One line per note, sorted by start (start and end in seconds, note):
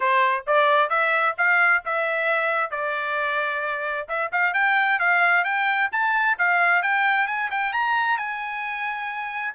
0.00 0.44 C5
0.46 0.89 D5
0.89 1.35 E5
1.37 1.83 F5
1.85 2.70 E5
2.70 4.07 D5
4.08 4.31 E5
4.31 4.53 F5
4.53 4.99 G5
4.99 5.44 F5
5.44 5.89 G5
5.92 6.37 A5
6.38 6.82 F5
6.82 7.27 G5
7.27 7.50 G#5
7.50 7.73 G5
7.73 8.17 A#5
8.17 9.53 G#5